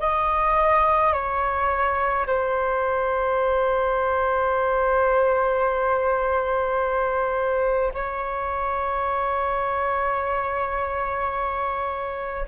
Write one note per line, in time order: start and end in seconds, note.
0.00 1.13 D#5
1.14 2.27 C#5
2.27 7.93 C5
7.94 12.47 C#5